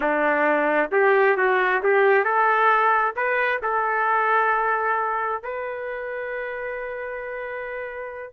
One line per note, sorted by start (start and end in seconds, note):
0.00 0.89 D4
0.91 1.36 G4
1.37 1.82 F#4
1.83 2.24 G4
2.24 3.14 A4
3.16 3.61 B4
3.62 5.42 A4
5.43 8.33 B4